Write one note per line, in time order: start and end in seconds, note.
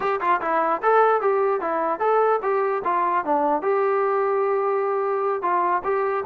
0.00 0.20 G4
0.20 0.40 F4
0.41 0.81 E4
0.82 1.21 A4
1.21 1.61 G4
1.61 1.99 E4
1.99 2.39 A4
2.42 2.82 G4
2.84 3.24 F4
3.24 3.62 D4
3.62 5.42 G4
5.42 5.82 F4
5.84 6.24 G4